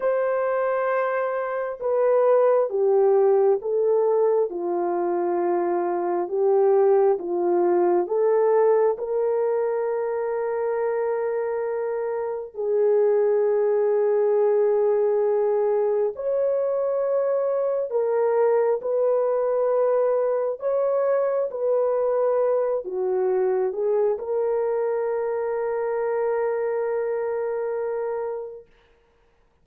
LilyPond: \new Staff \with { instrumentName = "horn" } { \time 4/4 \tempo 4 = 67 c''2 b'4 g'4 | a'4 f'2 g'4 | f'4 a'4 ais'2~ | ais'2 gis'2~ |
gis'2 cis''2 | ais'4 b'2 cis''4 | b'4. fis'4 gis'8 ais'4~ | ais'1 | }